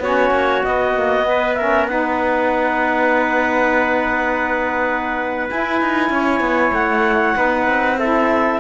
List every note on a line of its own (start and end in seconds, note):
0.00 0.31 B3
0.00 0.63 C#4
0.00 1.28 F#4
0.00 0.64 C#5
0.31 0.62 A#3
0.63 0.94 B3
0.63 5.50 B3
0.63 1.55 D#5
0.95 1.22 A#3
1.22 1.54 B3
1.29 1.58 B4
1.55 1.89 C#4
1.55 1.89 A#4
1.55 1.86 E5
1.89 5.49 D#4
1.89 6.12 B4
1.89 5.48 F#5
5.50 7.34 E4
5.50 5.81 E4
5.50 6.74 G#5
5.81 6.10 D#4
6.10 6.40 C#4
6.10 7.37 C#5
6.40 6.72 B3
6.73 7.35 A3
6.73 7.99 F#5
7.34 7.67 B3
7.34 7.97 D#4
7.34 7.99 B4
7.68 8.60 C4
7.99 8.60 E4
7.99 8.60 A4
7.99 8.60 E5